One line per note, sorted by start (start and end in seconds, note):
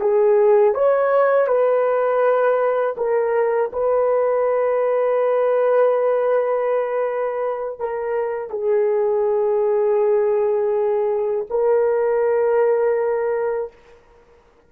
0.00 0.74 G#4
0.74 1.47 C#5
1.47 2.95 B4
2.97 3.71 A#4
3.72 7.79 B4
7.79 8.49 A#4
8.49 11.46 G#4
11.49 13.72 A#4